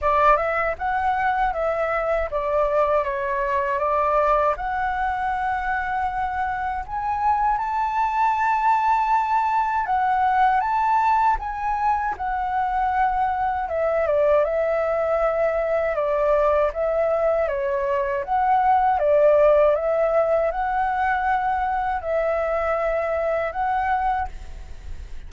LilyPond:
\new Staff \with { instrumentName = "flute" } { \time 4/4 \tempo 4 = 79 d''8 e''8 fis''4 e''4 d''4 | cis''4 d''4 fis''2~ | fis''4 gis''4 a''2~ | a''4 fis''4 a''4 gis''4 |
fis''2 e''8 d''8 e''4~ | e''4 d''4 e''4 cis''4 | fis''4 d''4 e''4 fis''4~ | fis''4 e''2 fis''4 | }